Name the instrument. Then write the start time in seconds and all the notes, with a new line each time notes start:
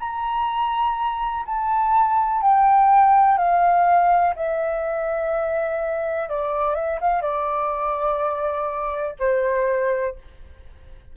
flute
0.00 A#5
1.46 A5
2.42 G5
3.38 F5
4.36 E5
6.30 D5
6.75 E5
7.01 F5
7.22 D5
9.19 C5